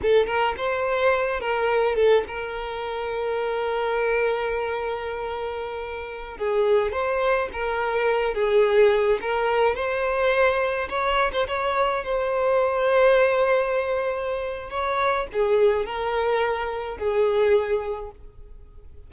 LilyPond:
\new Staff \with { instrumentName = "violin" } { \time 4/4 \tempo 4 = 106 a'8 ais'8 c''4. ais'4 a'8 | ais'1~ | ais'2.~ ais'16 gis'8.~ | gis'16 c''4 ais'4. gis'4~ gis'16~ |
gis'16 ais'4 c''2 cis''8. | c''16 cis''4 c''2~ c''8.~ | c''2 cis''4 gis'4 | ais'2 gis'2 | }